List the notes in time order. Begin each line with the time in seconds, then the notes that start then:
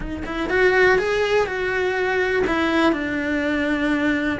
0.00 D#4
0.25 E4
0.49 F#4
0.98 G#4
1.46 F#4
2.46 E4
2.92 D4